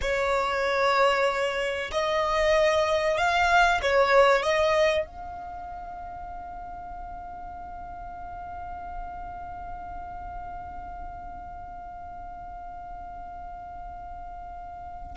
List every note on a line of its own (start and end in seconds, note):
0.01 1.90 C#5
1.91 3.17 D#5
3.18 3.81 F5
3.82 4.42 C#5
4.42 5.05 D#5
5.05 15.16 F5